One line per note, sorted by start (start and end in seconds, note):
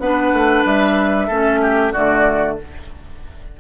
0.00 0.32 B3
0.00 1.30 D4
0.00 1.28 B4
0.00 0.64 F#5
0.33 0.65 A3
0.65 1.29 G3
0.65 1.94 E5
1.28 1.94 A3
1.28 1.95 C#4
1.28 1.60 A4
1.62 1.93 G4
1.93 2.60 D3
1.93 2.59 A3
1.93 2.57 F#4
1.93 2.58 D5